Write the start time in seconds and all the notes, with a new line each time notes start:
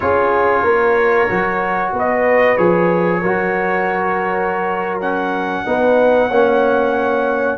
0.00 C#4 F4 G#4 C#5
0.62 A#3 A#4
1.29 F#3 F#4
1.92 B3 B4
1.99 D#5
2.57 F3 G#4 C#5
3.21 F#3 F#4 A#4
5.01 C#4 F#5
5.65 B3 D#4 B4
6.28 A#3 C#4 C#5